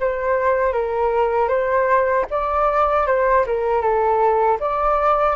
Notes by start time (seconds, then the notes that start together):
0.00 C5
0.73 A#4
1.49 C5
2.30 D5
3.07 C5
3.47 A#4
3.81 A4
4.60 D5